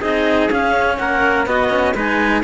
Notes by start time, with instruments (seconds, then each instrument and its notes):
0.00 cello C4 D#4, trumpet G#4, clarinet D#5
0.50 cello C#4, clarinet F5
0.97 cello A#3, trumpet A#4, clarinet F#5
1.46 cello B3, trumpet F#4, clarinet D#5
1.69 cello C#4
1.94 cello G#3 D#4, trumpet B4, clarinet G#5